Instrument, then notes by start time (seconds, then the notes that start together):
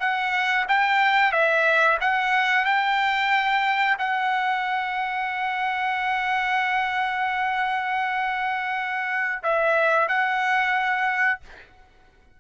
trumpet
0.00 F#5
0.68 G5
1.32 E5
2.00 F#5
2.65 G5
3.99 F#5
9.43 E5
10.08 F#5